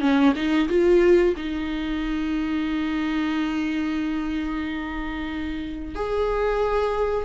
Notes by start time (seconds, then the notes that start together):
0.00 C#4
0.35 D#4
0.69 F4
1.36 D#4
5.95 G#4